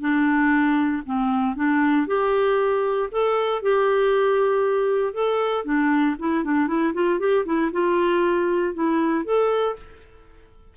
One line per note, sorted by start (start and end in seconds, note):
0.00 1.03 D4
1.05 1.55 C4
1.55 2.07 D4
2.07 3.09 G4
3.11 3.62 A4
3.62 5.13 G4
5.13 5.64 A4
5.64 6.16 D4
6.19 6.44 E4
6.44 6.67 D4
6.67 6.93 E4
6.93 7.19 F4
7.19 7.45 G4
7.45 7.71 E4
7.72 8.74 F4
8.74 9.24 E4
9.24 9.76 A4